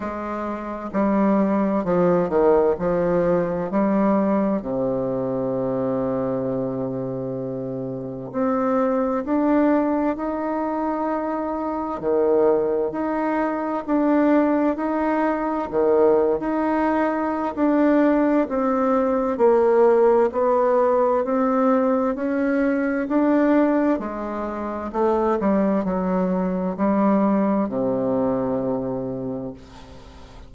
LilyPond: \new Staff \with { instrumentName = "bassoon" } { \time 4/4 \tempo 4 = 65 gis4 g4 f8 dis8 f4 | g4 c2.~ | c4 c'4 d'4 dis'4~ | dis'4 dis4 dis'4 d'4 |
dis'4 dis8. dis'4~ dis'16 d'4 | c'4 ais4 b4 c'4 | cis'4 d'4 gis4 a8 g8 | fis4 g4 c2 | }